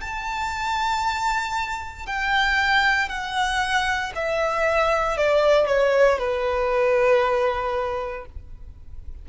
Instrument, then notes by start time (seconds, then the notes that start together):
violin
0.00 A5
2.06 G5
3.09 F#5
4.15 E5
5.17 D5
5.67 C#5
6.18 B4